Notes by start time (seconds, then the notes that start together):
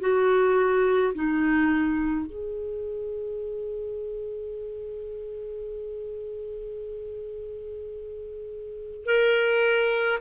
0.00 F#4
1.14 D#4
2.26 G#4
9.06 A#4